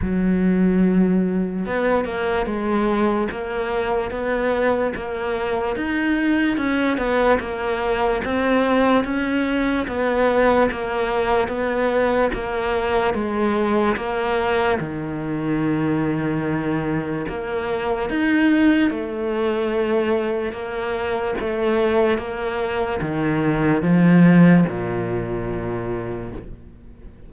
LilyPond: \new Staff \with { instrumentName = "cello" } { \time 4/4 \tempo 4 = 73 fis2 b8 ais8 gis4 | ais4 b4 ais4 dis'4 | cis'8 b8 ais4 c'4 cis'4 | b4 ais4 b4 ais4 |
gis4 ais4 dis2~ | dis4 ais4 dis'4 a4~ | a4 ais4 a4 ais4 | dis4 f4 ais,2 | }